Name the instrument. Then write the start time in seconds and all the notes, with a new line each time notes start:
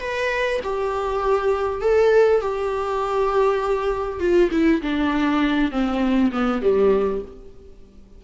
viola
0.00 B4
0.63 G4
1.81 A4
2.41 G4
4.19 F4
4.51 E4
4.82 D4
5.71 C4
6.31 B3
6.61 G3